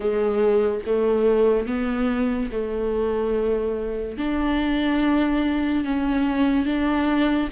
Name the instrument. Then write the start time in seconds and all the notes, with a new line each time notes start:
viola
0.00 G#3
0.86 A3
1.67 B3
2.51 A3
4.17 D4
5.84 C#4
6.65 D4